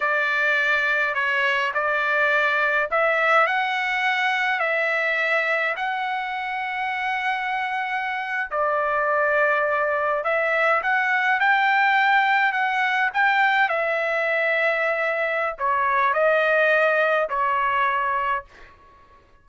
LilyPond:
\new Staff \with { instrumentName = "trumpet" } { \time 4/4 \tempo 4 = 104 d''2 cis''4 d''4~ | d''4 e''4 fis''2 | e''2 fis''2~ | fis''2~ fis''8. d''4~ d''16~ |
d''4.~ d''16 e''4 fis''4 g''16~ | g''4.~ g''16 fis''4 g''4 e''16~ | e''2. cis''4 | dis''2 cis''2 | }